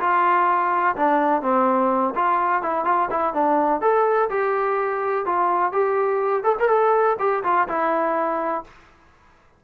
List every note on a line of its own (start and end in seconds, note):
0.00 0.96 F4
0.96 1.42 D4
1.42 2.14 C4
2.16 2.62 F4
2.62 2.85 E4
2.85 3.09 F4
3.11 3.34 E4
3.34 3.81 D4
3.81 4.29 A4
4.30 5.26 G4
5.26 5.73 F4
5.73 6.44 G4
6.44 6.56 A4
6.60 6.69 A#4
6.69 7.17 A4
7.19 7.43 G4
7.44 7.68 F4
7.68 8.64 E4